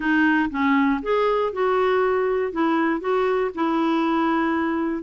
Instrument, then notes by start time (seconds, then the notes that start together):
clarinet
0.00 D#4
0.50 C#4
1.02 G#4
1.52 F#4
2.52 E4
3.00 F#4
3.54 E4